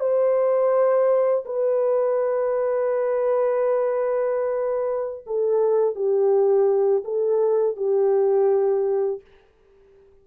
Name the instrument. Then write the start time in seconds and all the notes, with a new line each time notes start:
horn
0.00 C5
1.45 B4
5.26 A4
5.95 G4
7.04 A4
7.76 G4